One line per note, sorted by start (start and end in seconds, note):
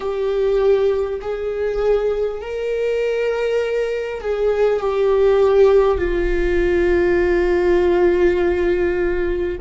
0.00 1.20 G4
1.21 2.41 G#4
2.41 4.21 A#4
4.21 4.79 G#4
4.79 5.98 G4
5.98 9.58 F4